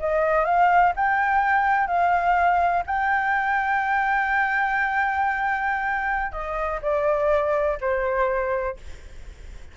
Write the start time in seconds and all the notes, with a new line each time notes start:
0.00 D#5
0.45 F5
0.97 G5
1.88 F5
2.87 G5
6.33 D#5
6.82 D5
7.81 C5